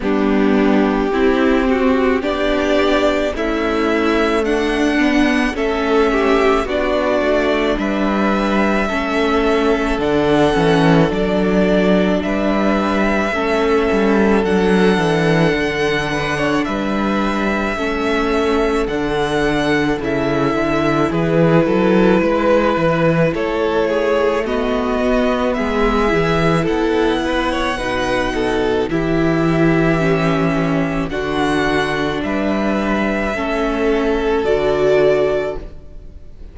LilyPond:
<<
  \new Staff \with { instrumentName = "violin" } { \time 4/4 \tempo 4 = 54 g'2 d''4 e''4 | fis''4 e''4 d''4 e''4~ | e''4 fis''4 d''4 e''4~ | e''4 fis''2 e''4~ |
e''4 fis''4 e''4 b'4~ | b'4 cis''4 dis''4 e''4 | fis''2 e''2 | fis''4 e''2 d''4 | }
  \new Staff \with { instrumentName = "violin" } { \time 4/4 d'4 e'8 fis'8 g'4 e'4 | d'4 a'8 g'8 fis'4 b'4 | a'2. b'4 | a'2~ a'8 b'16 cis''16 b'4 |
a'2. gis'8 a'8 | b'4 a'8 gis'8 fis'4 gis'4 | a'8 b'16 cis''16 b'8 a'8 g'2 | fis'4 b'4 a'2 | }
  \new Staff \with { instrumentName = "viola" } { \time 4/4 b4 c'4 d'4 a4~ | a8 b8 cis'4 d'2 | cis'4 d'8 cis'8 d'2 | cis'4 d'2. |
cis'4 d'4 e'2~ | e'2 b4. e'8~ | e'4 dis'4 e'4 cis'4 | d'2 cis'4 fis'4 | }
  \new Staff \with { instrumentName = "cello" } { \time 4/4 g4 c'4 b4 cis'4 | d'4 a4 b8 a8 g4 | a4 d8 e8 fis4 g4 | a8 g8 fis8 e8 d4 g4 |
a4 d4 cis8 d8 e8 fis8 | gis8 e8 a4. b8 gis8 e8 | b4 b,4 e2 | d4 g4 a4 d4 | }
>>